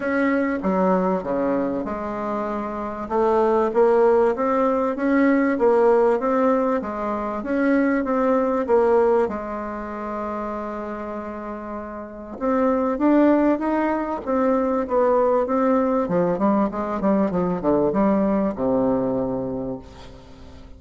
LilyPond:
\new Staff \with { instrumentName = "bassoon" } { \time 4/4 \tempo 4 = 97 cis'4 fis4 cis4 gis4~ | gis4 a4 ais4 c'4 | cis'4 ais4 c'4 gis4 | cis'4 c'4 ais4 gis4~ |
gis1 | c'4 d'4 dis'4 c'4 | b4 c'4 f8 g8 gis8 g8 | f8 d8 g4 c2 | }